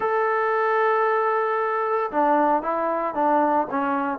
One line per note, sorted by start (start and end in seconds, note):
0.00 2.11 A4
2.11 2.62 D4
2.62 3.14 E4
3.14 3.67 D4
3.70 4.18 C#4